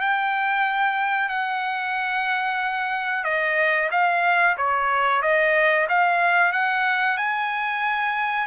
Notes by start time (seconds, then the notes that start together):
0.00 G5
1.28 F#5
3.24 D#5
3.91 F5
4.57 C#5
5.22 D#5
5.88 F5
6.52 F#5
7.17 G#5